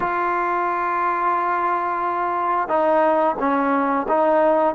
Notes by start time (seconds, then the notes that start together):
0.00 F4
2.68 D#4
3.39 C#4
4.08 D#4